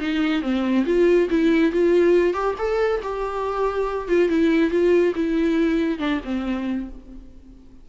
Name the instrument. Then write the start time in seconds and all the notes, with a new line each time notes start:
viola
0.00 D#4
0.42 C4
0.86 F4
1.31 E4
1.73 F4
2.34 G4
2.59 A4
3.03 G4
4.09 F4
4.29 E4
4.71 F4
5.15 E4
5.99 D4
6.25 C4